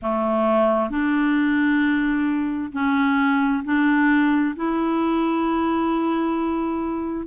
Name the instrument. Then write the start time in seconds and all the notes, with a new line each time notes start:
clarinet
0.02 A3
0.90 D4
2.72 C#4
3.64 D4
4.55 E4